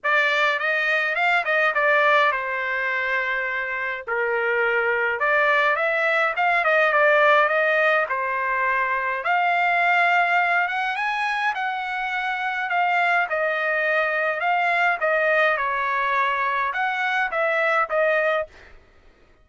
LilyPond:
\new Staff \with { instrumentName = "trumpet" } { \time 4/4 \tempo 4 = 104 d''4 dis''4 f''8 dis''8 d''4 | c''2. ais'4~ | ais'4 d''4 e''4 f''8 dis''8 | d''4 dis''4 c''2 |
f''2~ f''8 fis''8 gis''4 | fis''2 f''4 dis''4~ | dis''4 f''4 dis''4 cis''4~ | cis''4 fis''4 e''4 dis''4 | }